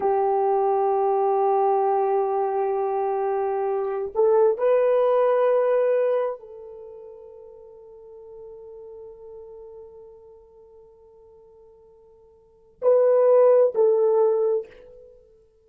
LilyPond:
\new Staff \with { instrumentName = "horn" } { \time 4/4 \tempo 4 = 131 g'1~ | g'1~ | g'4 a'4 b'2~ | b'2 a'2~ |
a'1~ | a'1~ | a'1 | b'2 a'2 | }